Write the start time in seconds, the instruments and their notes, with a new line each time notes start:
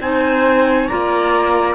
0.00 cello C4, clarinet D#4, viola C5, trumpet G#5
0.87 cello A#3, clarinet F4, viola D5, trumpet A#5